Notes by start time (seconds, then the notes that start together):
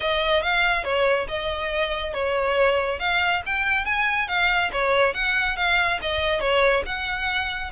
0.00 D#5
0.42 F5
0.84 C#5
1.28 D#5
2.13 C#5
2.99 F5
3.46 G5
3.85 G#5
4.28 F5
4.72 C#5
5.14 F#5
5.56 F5
6.01 D#5
6.40 C#5
6.85 F#5